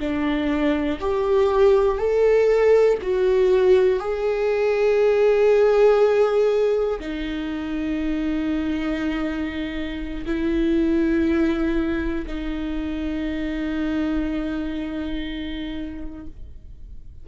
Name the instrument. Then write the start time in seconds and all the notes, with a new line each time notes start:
viola
0.00 D4
1.01 G4
1.99 A4
3.02 F#4
4.00 G#4
7.00 D#4
10.26 E4
12.27 D#4